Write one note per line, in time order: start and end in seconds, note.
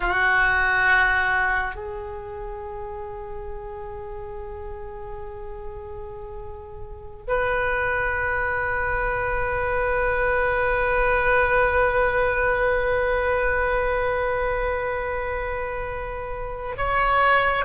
0.00 1.75 F#4
1.75 7.26 G#4
7.27 16.76 B4
16.76 17.65 C#5